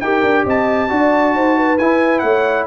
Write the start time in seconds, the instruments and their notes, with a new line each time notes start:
0.00 tuba D#4, trombone G4, horn A#4, trumpet G5
0.23 tuba D4
0.44 tuba C4, horn D#5, trumpet A5
0.89 tuba D4, trombone F#4, horn D5
1.35 tuba D#4, horn C5
1.57 horn B4
1.78 tuba E4, trombone E4, trumpet G#5
2.19 tuba A3, horn C#5, trumpet F#5